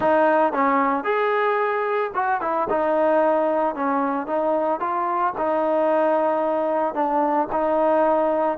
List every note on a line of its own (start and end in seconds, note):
0.00 0.52 D#4
0.52 1.04 C#4
1.04 2.11 G#4
2.14 2.41 F#4
2.41 2.68 E4
2.69 3.75 D#4
3.75 4.26 C#4
4.26 4.80 D#4
4.80 5.33 F4
5.37 6.94 D#4
6.94 7.48 D4
7.51 8.57 D#4